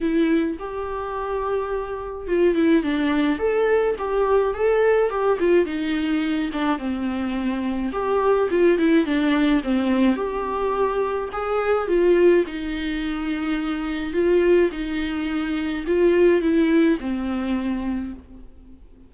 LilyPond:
\new Staff \with { instrumentName = "viola" } { \time 4/4 \tempo 4 = 106 e'4 g'2. | f'8 e'8 d'4 a'4 g'4 | a'4 g'8 f'8 dis'4. d'8 | c'2 g'4 f'8 e'8 |
d'4 c'4 g'2 | gis'4 f'4 dis'2~ | dis'4 f'4 dis'2 | f'4 e'4 c'2 | }